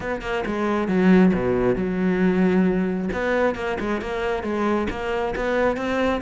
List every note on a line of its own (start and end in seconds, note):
0.00 0.21 B3
0.21 0.43 A#3
0.46 0.88 G#3
0.88 1.32 F#3
1.33 1.75 B2
1.75 3.09 F#3
3.12 3.55 B3
3.55 3.77 A#3
3.79 4.01 G#3
4.01 4.43 A#3
4.43 4.87 G#3
4.90 5.34 A#3
5.35 5.76 B3
5.76 6.21 C4